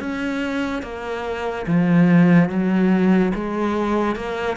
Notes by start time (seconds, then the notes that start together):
0.00 C#4
0.83 A#3
1.67 F3
2.50 F#3
3.35 G#3
4.16 A#3